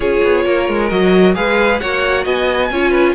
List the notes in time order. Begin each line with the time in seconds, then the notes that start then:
0.00 C#4 F4 G#4 C#5
0.23 B3
0.45 A#3 A#4
0.68 G#3
0.89 F#3 F#4 D#5
1.34 G#3 G#4 B4 F5
1.79 A#3 F#4 C#5 F#5
2.24 B3 D#5 G#5
2.70 C#4 F4 C#5
2.90 B4